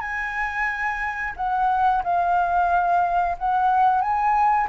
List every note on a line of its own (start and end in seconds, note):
0.00 1.33 G#5
1.36 2.03 F#5
2.03 3.37 F5
3.38 4.01 F#5
4.01 4.68 G#5